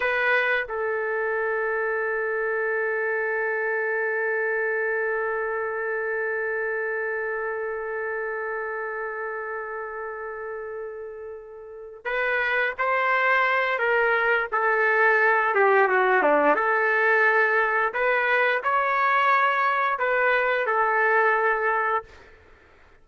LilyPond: \new Staff \with { instrumentName = "trumpet" } { \time 4/4 \tempo 4 = 87 b'4 a'2.~ | a'1~ | a'1~ | a'1~ |
a'4. b'4 c''4. | ais'4 a'4. g'8 fis'8 d'8 | a'2 b'4 cis''4~ | cis''4 b'4 a'2 | }